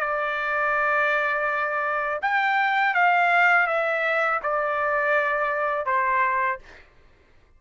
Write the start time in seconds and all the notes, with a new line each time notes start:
0.00 D5
2.22 G5
2.94 F5
3.67 E5
4.43 D5
5.85 C5